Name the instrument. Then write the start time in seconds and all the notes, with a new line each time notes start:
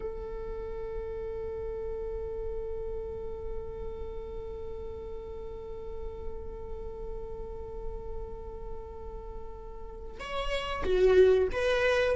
viola
0.00 A4
10.20 C#5
10.84 F#4
11.51 B4